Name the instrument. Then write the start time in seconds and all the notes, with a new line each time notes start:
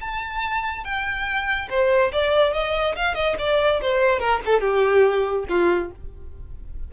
violin
0.00 A5
0.84 G5
1.69 C5
2.12 D5
2.53 D#5
2.95 F5
3.14 D#5
3.38 D5
3.81 C5
4.19 A#4
4.45 A4
4.60 G4
5.48 F4